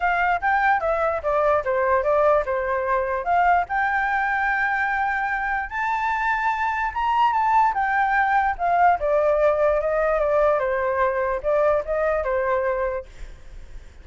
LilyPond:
\new Staff \with { instrumentName = "flute" } { \time 4/4 \tempo 4 = 147 f''4 g''4 e''4 d''4 | c''4 d''4 c''2 | f''4 g''2.~ | g''2 a''2~ |
a''4 ais''4 a''4 g''4~ | g''4 f''4 d''2 | dis''4 d''4 c''2 | d''4 dis''4 c''2 | }